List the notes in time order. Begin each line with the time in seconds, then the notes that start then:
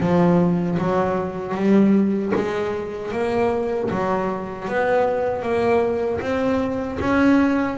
0.00 F3
0.78 F#3
1.54 G3
2.35 G#3
3.12 A#3
3.90 F#3
4.68 B3
5.42 A#3
6.21 C4
7.00 C#4